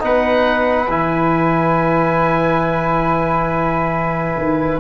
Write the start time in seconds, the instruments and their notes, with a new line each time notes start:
0.00 tuba B3, trombone D#4, flute B4, oboe F#5
0.87 tuba E3, trombone E4, oboe G#5
4.37 tuba D#3